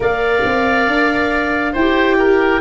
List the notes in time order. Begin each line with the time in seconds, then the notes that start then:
0.00 A#3 A#4 D5 F5
0.44 C4
0.87 D4
1.72 E4 C5 G5
1.79 G4
2.18 A#4